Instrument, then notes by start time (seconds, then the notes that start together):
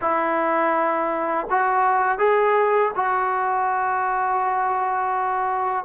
trombone
0.01 E4
1.50 F#4
2.18 G#4
2.95 F#4